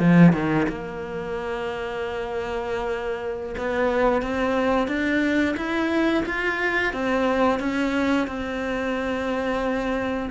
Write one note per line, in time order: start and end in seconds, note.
0.00 0.33 F3
0.33 0.67 D#3
0.69 3.56 A#3
3.58 4.22 B3
4.22 4.88 C4
4.88 5.56 D4
5.57 6.25 E4
6.26 6.93 F4
6.94 7.60 C4
7.60 8.28 C#4
8.28 10.30 C4